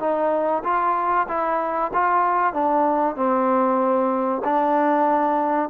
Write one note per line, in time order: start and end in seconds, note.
0.00 0.63 D#4
0.64 1.27 F4
1.28 1.91 E4
1.93 2.53 F4
2.53 3.16 D4
3.16 4.42 C4
4.44 5.70 D4